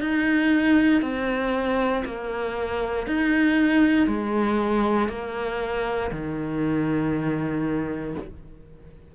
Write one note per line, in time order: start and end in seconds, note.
0.00 1.02 D#4
1.02 2.03 C4
2.05 3.06 A#3
3.06 4.07 D#4
4.07 5.09 G#3
5.09 6.11 A#3
6.11 8.14 D#3